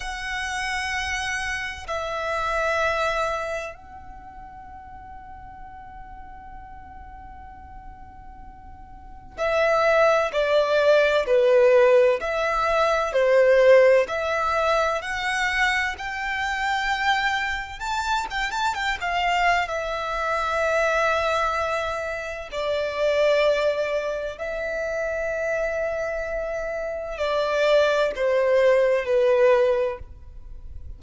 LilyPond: \new Staff \with { instrumentName = "violin" } { \time 4/4 \tempo 4 = 64 fis''2 e''2 | fis''1~ | fis''2 e''4 d''4 | b'4 e''4 c''4 e''4 |
fis''4 g''2 a''8 g''16 a''16 | g''16 f''8. e''2. | d''2 e''2~ | e''4 d''4 c''4 b'4 | }